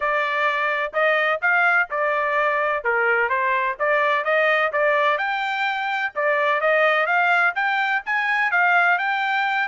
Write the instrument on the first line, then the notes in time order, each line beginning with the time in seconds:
trumpet
0.00 D5
0.93 D#5
1.41 F5
1.90 D5
2.83 A#4
3.29 C5
3.79 D5
4.24 D#5
4.72 D5
5.18 G5
6.15 D5
6.60 D#5
7.06 F5
7.55 G5
8.05 G#5
8.51 F5
8.98 G5